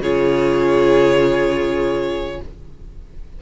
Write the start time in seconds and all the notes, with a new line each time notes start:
0.00 C#3 F4 G#4 C#5